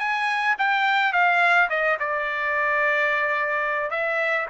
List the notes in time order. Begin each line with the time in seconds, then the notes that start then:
0.00 G#5
0.59 G5
1.13 F5
1.70 D#5
2.00 D5
3.91 E5